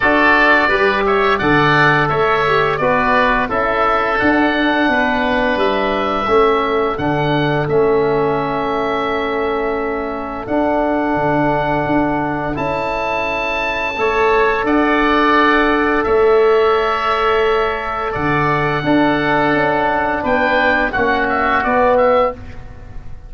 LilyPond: <<
  \new Staff \with { instrumentName = "oboe" } { \time 4/4 \tempo 4 = 86 d''4. e''8 fis''4 e''4 | d''4 e''4 fis''2 | e''2 fis''4 e''4~ | e''2. fis''4~ |
fis''2 a''2~ | a''4 fis''2 e''4~ | e''2 fis''2~ | fis''4 g''4 fis''8 e''8 d''8 e''8 | }
  \new Staff \with { instrumentName = "oboe" } { \time 4/4 a'4 b'8 cis''8 d''4 cis''4 | b'4 a'2 b'4~ | b'4 a'2.~ | a'1~ |
a'1 | cis''4 d''2 cis''4~ | cis''2 d''4 a'4~ | a'4 b'4 fis'2 | }
  \new Staff \with { instrumentName = "trombone" } { \time 4/4 fis'4 g'4 a'4. g'8 | fis'4 e'4 d'2~ | d'4 cis'4 d'4 cis'4~ | cis'2. d'4~ |
d'2 e'2 | a'1~ | a'2. d'4~ | d'2 cis'4 b4 | }
  \new Staff \with { instrumentName = "tuba" } { \time 4/4 d'4 g4 d4 a4 | b4 cis'4 d'4 b4 | g4 a4 d4 a4~ | a2. d'4 |
d4 d'4 cis'2 | a4 d'2 a4~ | a2 d4 d'4 | cis'4 b4 ais4 b4 | }
>>